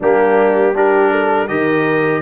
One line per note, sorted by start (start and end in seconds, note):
0.00 1.49 G3
0.00 0.74 A#3
0.00 0.74 D4
0.00 0.76 G4
0.74 1.48 D4
0.74 1.10 G4
0.74 1.47 A#4
1.10 1.48 A4
1.47 2.21 D#3
1.47 2.21 G4
1.47 2.21 A#4
1.47 2.21 D#5